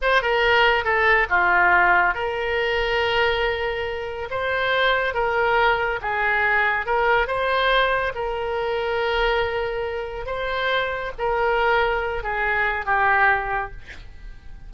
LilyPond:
\new Staff \with { instrumentName = "oboe" } { \time 4/4 \tempo 4 = 140 c''8 ais'4. a'4 f'4~ | f'4 ais'2.~ | ais'2 c''2 | ais'2 gis'2 |
ais'4 c''2 ais'4~ | ais'1 | c''2 ais'2~ | ais'8 gis'4. g'2 | }